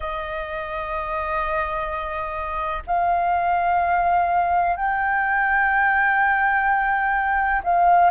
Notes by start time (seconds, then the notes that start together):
0.00 D#5
2.87 F5
4.76 G5
7.63 F5